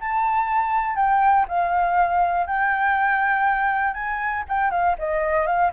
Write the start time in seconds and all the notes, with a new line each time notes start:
0.00 A5
0.96 G5
1.48 F5
2.47 G5
3.94 G#5
4.49 G5
4.71 F5
4.99 D#5
5.47 F5